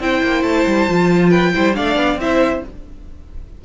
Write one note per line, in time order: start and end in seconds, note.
0.00 0.22 C4
0.00 0.89 E4
0.00 1.30 C5
0.00 0.43 G5
0.23 0.43 A#3
0.43 0.65 A3
0.43 1.30 A5
0.67 0.89 G3
0.89 1.55 F3
0.89 1.55 F4
1.30 1.52 B4
1.30 1.74 G5
1.55 1.78 G3
1.55 1.74 E4
1.55 1.77 C5
1.74 1.96 A3
1.74 2.18 D4
1.74 2.20 D5
1.74 2.19 F5
1.96 2.17 B3
2.17 2.60 C4
2.17 2.64 E4
2.17 2.65 C5
2.17 2.65 E5